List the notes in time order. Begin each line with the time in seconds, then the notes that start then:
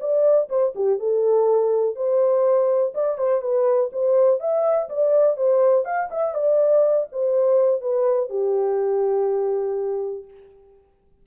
0.00 D5
0.49 C5
0.75 G4
0.99 A4
1.96 C5
2.94 D5
3.18 C5
3.41 B4
3.92 C5
4.40 E5
4.89 D5
5.37 C5
5.85 F5
6.11 E5
6.34 D5
7.12 C5
7.81 B4
8.29 G4